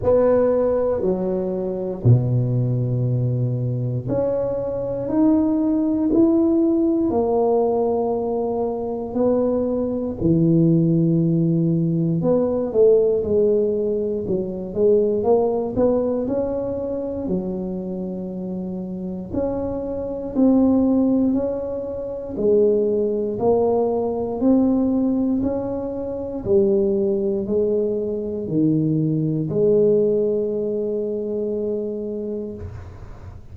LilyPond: \new Staff \with { instrumentName = "tuba" } { \time 4/4 \tempo 4 = 59 b4 fis4 b,2 | cis'4 dis'4 e'4 ais4~ | ais4 b4 e2 | b8 a8 gis4 fis8 gis8 ais8 b8 |
cis'4 fis2 cis'4 | c'4 cis'4 gis4 ais4 | c'4 cis'4 g4 gis4 | dis4 gis2. | }